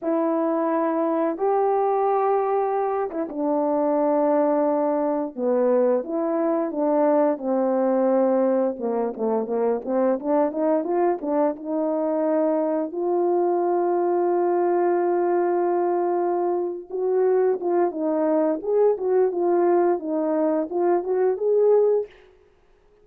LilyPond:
\new Staff \with { instrumentName = "horn" } { \time 4/4 \tempo 4 = 87 e'2 g'2~ | g'8 e'16 d'2. b16~ | b8. e'4 d'4 c'4~ c'16~ | c'8. ais8 a8 ais8 c'8 d'8 dis'8 f'16~ |
f'16 d'8 dis'2 f'4~ f'16~ | f'1~ | f'8 fis'4 f'8 dis'4 gis'8 fis'8 | f'4 dis'4 f'8 fis'8 gis'4 | }